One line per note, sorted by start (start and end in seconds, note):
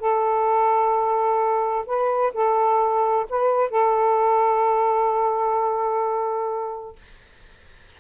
0.00 1.86 A4
1.87 2.33 B4
2.34 3.27 A4
3.30 3.71 B4
3.71 6.96 A4